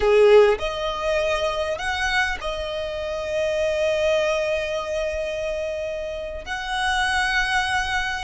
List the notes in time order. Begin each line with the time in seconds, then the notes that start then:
0.00 G#4
0.58 D#5
1.78 F#5
2.41 D#5
6.45 F#5